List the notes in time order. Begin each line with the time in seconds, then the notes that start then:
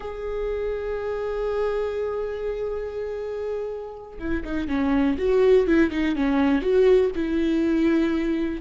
0.00 G#4
4.19 E4
4.44 D#4
4.68 C#4
5.18 F#4
5.67 E4
5.90 D#4
6.15 C#4
6.61 F#4
7.15 E4